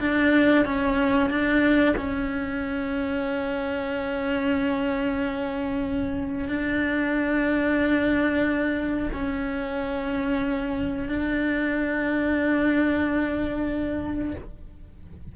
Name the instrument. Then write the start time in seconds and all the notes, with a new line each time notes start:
cello
0.00 D4
0.65 C#4
1.30 D4
1.97 C#4
6.48 D4
9.13 C#4
11.08 D4